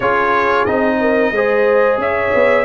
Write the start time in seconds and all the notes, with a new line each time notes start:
0.00 C#4 F4 G#4 C#5
0.65 C4 D#4 D#5
1.00 A#4
1.31 G#3 G#4 C5
1.97 C#4 C#5 E5
2.34 B3